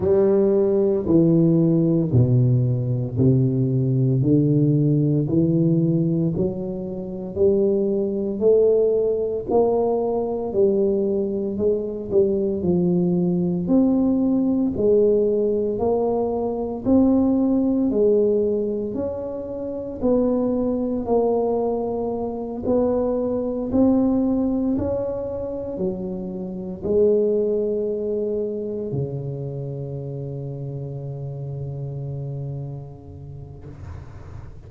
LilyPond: \new Staff \with { instrumentName = "tuba" } { \time 4/4 \tempo 4 = 57 g4 e4 b,4 c4 | d4 e4 fis4 g4 | a4 ais4 g4 gis8 g8 | f4 c'4 gis4 ais4 |
c'4 gis4 cis'4 b4 | ais4. b4 c'4 cis'8~ | cis'8 fis4 gis2 cis8~ | cis1 | }